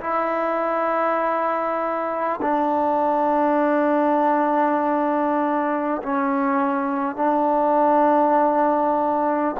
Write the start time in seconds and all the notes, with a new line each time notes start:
0.00 E4
2.42 D4
6.03 C#4
7.16 D4